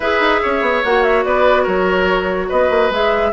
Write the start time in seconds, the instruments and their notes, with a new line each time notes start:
0.00 bassoon E4, clarinet G#4, oboe B4, flute E5
0.20 bassoon D#4
0.42 bassoon C#4, oboe C#5
0.61 bassoon B3
0.84 bassoon A#3, clarinet F#4, flute F#5
1.03 flute E5
1.24 bassoon B3, oboe B4, flute D5
1.63 bassoon F#3, oboe A#4, flute C#5
2.48 bassoon B3, oboe B4, flute D#5
2.70 bassoon A#3
2.90 bassoon G#3, clarinet G#4, flute E5